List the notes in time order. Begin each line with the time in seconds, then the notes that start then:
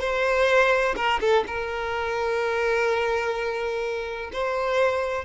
0.00 C5
0.96 A#4
1.20 A4
1.47 A#4
4.32 C5